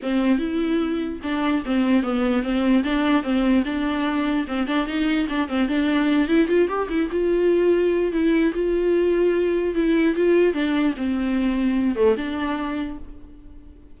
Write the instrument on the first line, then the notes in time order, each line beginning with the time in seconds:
viola
0.02 C4
0.38 E4
1.22 D4
1.65 C4
2.03 B3
2.42 C4
2.83 D4
3.23 C4
3.65 D4
4.47 C4
4.67 D4
4.86 D#4
5.28 D4
5.48 C4
5.68 D4
6.27 E4
6.48 F4
6.68 G4
6.89 E4
7.11 F4
8.12 E4
8.54 F4
9.74 E4
10.15 F4
10.53 D4
10.96 C4
11.95 A3
12.16 D4